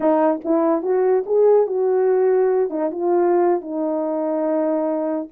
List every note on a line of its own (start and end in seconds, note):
0.00 0.40 D#4
0.44 0.82 E4
0.82 1.24 F#4
1.26 1.66 G#4
1.66 2.70 F#4
2.70 2.90 D#4
2.91 3.61 F4
3.61 5.27 D#4